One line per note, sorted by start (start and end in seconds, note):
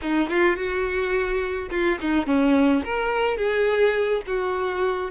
0.01 0.29 D#4
0.29 0.56 F4
0.56 1.69 F#4
1.70 1.98 F4
2.00 2.26 D#4
2.26 2.83 C#4
2.84 3.37 A#4
3.37 4.22 G#4
4.26 5.10 F#4